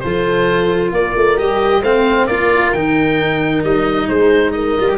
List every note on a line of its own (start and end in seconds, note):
0.00 0.92 F3
0.00 0.94 A4
0.00 0.90 C5
0.06 1.37 F4
0.92 1.15 A#3
0.92 1.81 A#4
0.92 1.38 D5
1.16 1.38 A3
1.37 1.82 G3
1.37 1.83 G4
1.37 1.83 D#5
1.81 2.27 A3
1.81 2.30 C4
1.81 2.26 C5
1.81 2.27 F5
2.27 2.73 A#3
2.27 2.75 F4
2.27 4.08 A#4
2.27 2.72 D5
2.73 3.64 D#3
2.73 4.78 D#4
2.73 3.63 G5
3.64 4.09 G3
3.64 4.09 D#5
4.08 4.78 G#3
4.08 4.53 G#4
4.08 4.52 C5
4.52 4.98 A#4
4.52 4.97 D#5
4.79 4.98 G3
4.79 4.88 F4
4.88 4.98 G4